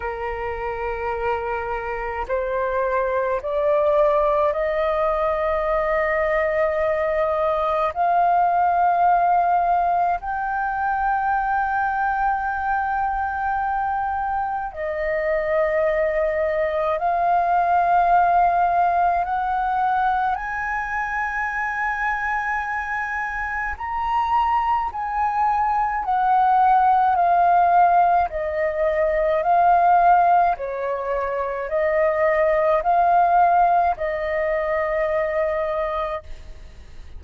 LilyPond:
\new Staff \with { instrumentName = "flute" } { \time 4/4 \tempo 4 = 53 ais'2 c''4 d''4 | dis''2. f''4~ | f''4 g''2.~ | g''4 dis''2 f''4~ |
f''4 fis''4 gis''2~ | gis''4 ais''4 gis''4 fis''4 | f''4 dis''4 f''4 cis''4 | dis''4 f''4 dis''2 | }